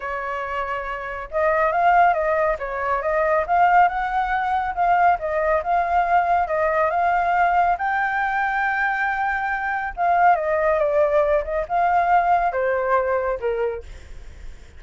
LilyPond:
\new Staff \with { instrumentName = "flute" } { \time 4/4 \tempo 4 = 139 cis''2. dis''4 | f''4 dis''4 cis''4 dis''4 | f''4 fis''2 f''4 | dis''4 f''2 dis''4 |
f''2 g''2~ | g''2. f''4 | dis''4 d''4. dis''8 f''4~ | f''4 c''2 ais'4 | }